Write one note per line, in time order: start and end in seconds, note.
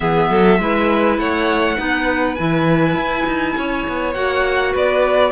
0.00 0.30 E3
0.00 0.59 B3
0.00 0.30 G#4
0.00 1.17 E5
0.30 0.58 F#3
0.30 0.60 A4
0.58 1.18 G#3
0.58 1.76 E4
0.58 1.19 B4
1.18 1.77 A3
1.18 1.77 C#5
1.18 2.34 F#5
1.76 2.38 B3
1.76 2.36 D#4
1.76 3.55 B4
2.34 2.94 E3
2.34 4.14 E4
2.34 4.13 G#5
2.94 3.24 E4
3.26 3.55 D#4
3.57 3.87 C#4
3.57 4.72 C#5
3.88 4.15 B3
4.13 4.74 A#3
4.13 5.31 F#4
4.13 4.73 F#5
4.72 5.31 B3
4.72 5.31 B4
4.72 5.31 D5